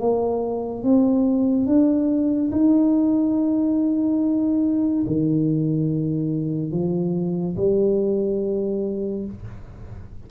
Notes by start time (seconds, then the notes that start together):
0.00 A#3
0.83 C4
1.67 D4
2.52 D#4
5.07 D#3
6.72 F3
7.57 G3